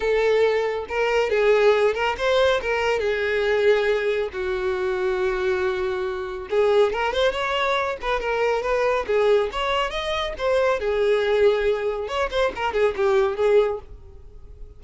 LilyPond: \new Staff \with { instrumentName = "violin" } { \time 4/4 \tempo 4 = 139 a'2 ais'4 gis'4~ | gis'8 ais'8 c''4 ais'4 gis'4~ | gis'2 fis'2~ | fis'2. gis'4 |
ais'8 c''8 cis''4. b'8 ais'4 | b'4 gis'4 cis''4 dis''4 | c''4 gis'2. | cis''8 c''8 ais'8 gis'8 g'4 gis'4 | }